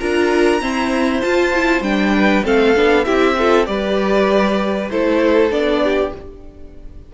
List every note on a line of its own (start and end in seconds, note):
0.00 0.62 D4
0.00 0.61 F4
0.00 0.61 A#4
0.00 1.22 A#5
0.61 1.22 C4
0.61 1.23 E4
0.61 2.15 C5
1.22 1.53 F4
1.22 1.81 F4
1.22 1.83 A5
1.54 1.83 E4
1.81 2.42 G3
1.81 2.44 D4
1.81 2.44 G5
2.16 2.45 B4
2.44 2.76 A3
2.44 2.75 C4
2.44 3.06 A4
2.44 3.05 F5
2.76 3.07 B3
2.76 3.05 D4
3.05 3.68 C4
3.05 3.36 E4
3.05 3.37 G4
3.05 3.66 E5
3.38 3.66 F4
3.38 3.69 A4
3.66 4.91 G3
3.66 4.88 G4
3.66 4.91 B4
3.66 4.89 D5
4.91 5.51 A3
4.91 5.51 E4
4.91 5.83 A4
4.91 5.52 C5
5.51 6.12 B3
5.51 6.12 D4
5.51 6.13 D5
5.84 6.14 G4